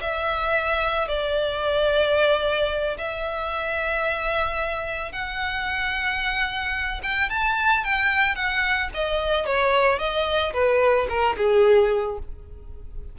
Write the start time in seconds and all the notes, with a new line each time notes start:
0.00 E5
1.08 D5
2.97 E5
5.12 F#5
7.02 G5
7.29 A5
7.83 G5
8.35 F#5
8.94 D#5
9.45 C#5
9.99 D#5
10.53 B4
11.09 A#4
11.37 G#4